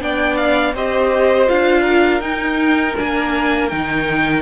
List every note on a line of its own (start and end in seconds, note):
0.00 0.75 B3
0.00 0.74 D4
0.00 0.74 D5
0.00 0.37 G5
0.37 0.74 F5
0.74 1.49 C4
0.74 1.47 G4
0.74 1.81 C5
0.74 1.49 D#5
1.47 2.20 D4
1.47 2.21 F4
1.47 2.21 F5
1.81 4.40 A#4
2.20 2.94 D#4
2.20 2.96 D#4
2.20 2.95 G5
2.96 3.72 A#3
2.96 3.71 D4
2.96 3.69 G#5
3.69 4.42 D#3
3.69 4.42 D#4
3.69 4.42 G5